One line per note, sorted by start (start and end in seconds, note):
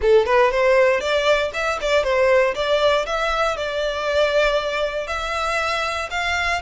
0.01 0.26 A4
0.26 0.51 B4
0.51 1.00 C5
1.00 1.51 D5
1.53 1.78 E5
1.81 2.03 D5
2.03 2.54 C5
2.54 3.05 D5
3.06 3.56 E5
3.56 5.07 D5
5.07 6.09 E5
6.10 6.61 F5